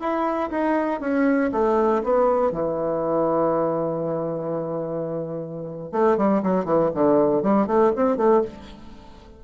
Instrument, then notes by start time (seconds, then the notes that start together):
bassoon
0.00 E4
0.51 D#4
1.01 C#4
1.52 A3
2.04 B3
2.52 E3
5.92 A3
6.17 G3
6.43 F#3
6.65 E3
6.95 D3
7.43 G3
7.67 A3
7.96 C4
8.17 A3